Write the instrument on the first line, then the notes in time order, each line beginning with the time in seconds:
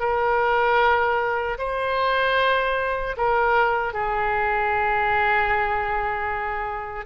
oboe
0.00 A#4
1.59 C5
3.17 A#4
3.94 G#4